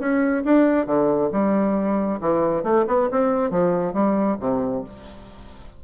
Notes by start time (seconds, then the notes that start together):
0.00 C#4
0.45 D4
0.87 D3
1.33 G3
2.21 E3
2.64 A3
2.88 B3
3.12 C4
3.51 F3
3.94 G3
4.41 C3